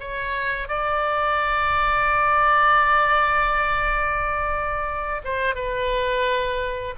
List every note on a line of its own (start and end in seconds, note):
0.00 0.68 C#5
0.68 5.22 D5
5.25 5.55 C5
5.55 6.95 B4